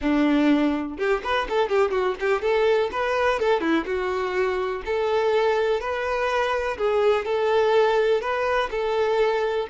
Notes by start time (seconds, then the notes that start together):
0.01 D4
0.98 G4
1.23 B4
1.49 A4
1.69 G4
1.91 F#4
2.20 G4
2.41 A4
2.91 B4
3.39 A4
3.60 E4
3.85 F#4
4.85 A4
5.80 B4
6.77 G#4
7.25 A4
8.21 B4
8.71 A4